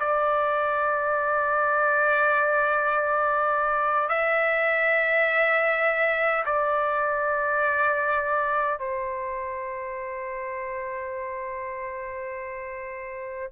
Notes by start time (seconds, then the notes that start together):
0.00 D5
4.09 E5
6.46 D5
8.79 C5